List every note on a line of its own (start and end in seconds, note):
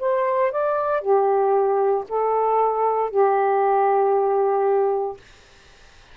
0.00 0.52 C5
0.52 1.02 D5
1.02 2.05 G4
2.09 3.11 A4
3.11 5.18 G4